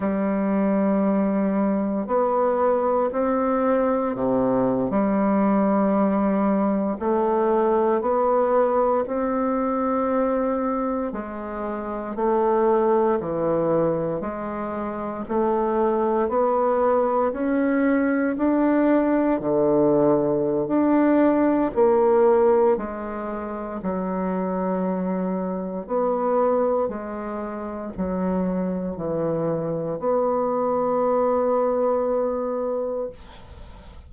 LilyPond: \new Staff \with { instrumentName = "bassoon" } { \time 4/4 \tempo 4 = 58 g2 b4 c'4 | c8. g2 a4 b16~ | b8. c'2 gis4 a16~ | a8. e4 gis4 a4 b16~ |
b8. cis'4 d'4 d4~ d16 | d'4 ais4 gis4 fis4~ | fis4 b4 gis4 fis4 | e4 b2. | }